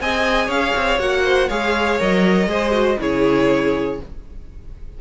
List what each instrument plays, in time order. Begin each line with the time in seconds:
0.00 cello C4, viola G#4, violin D#5 G#5
0.46 cello C#4, violin C#5 F5
0.75 cello C4
0.98 cello A#3, viola F#4, violin F#5
1.24 violin C5
1.47 cello G#3, viola G#4, violin C#5 F5
1.99 cello F#3, viola A#4, violin D#5
2.47 cello G#3, viola G#4, violin C5
2.71 viola F#4
2.99 cello C#3, viola E4, violin G#4 C#5